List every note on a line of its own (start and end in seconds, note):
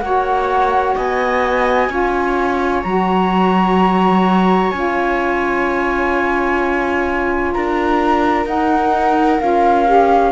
0.00 0.95 A#3
0.00 1.90 F#4
0.00 0.96 C#5
0.00 0.94 F#5
0.96 1.89 B3
0.96 1.90 D#5
0.96 2.83 G#5
1.89 2.83 C#4
1.89 2.84 F4
1.89 7.54 C#5
2.83 4.72 F#3
2.83 4.73 F#4
2.83 4.71 A#5
4.71 7.54 C#4
4.71 8.45 F4
4.71 7.52 G#5
7.53 8.46 D4
7.53 10.32 A#4
7.53 8.46 A#5
8.45 9.39 D#4
8.45 9.41 F#5
9.40 10.32 C#4
9.40 9.86 F4
9.40 10.32 F5
9.86 10.32 G4